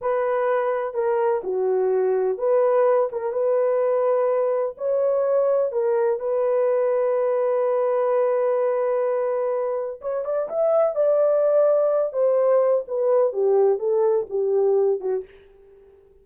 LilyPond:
\new Staff \with { instrumentName = "horn" } { \time 4/4 \tempo 4 = 126 b'2 ais'4 fis'4~ | fis'4 b'4. ais'8 b'4~ | b'2 cis''2 | ais'4 b'2.~ |
b'1~ | b'4 cis''8 d''8 e''4 d''4~ | d''4. c''4. b'4 | g'4 a'4 g'4. fis'8 | }